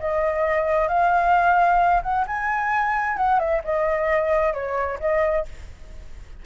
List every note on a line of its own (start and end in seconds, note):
0.00 0.89 D#5
0.89 2.02 F5
2.03 2.26 F#5
2.27 3.17 G#5
3.17 3.39 F#5
3.39 3.62 E5
3.65 4.54 D#5
4.54 4.99 C#5
5.00 5.45 D#5